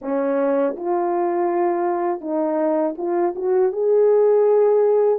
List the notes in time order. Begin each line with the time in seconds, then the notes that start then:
0.01 C#4
0.76 F4
2.20 D#4
2.97 F4
3.35 F#4
3.72 G#4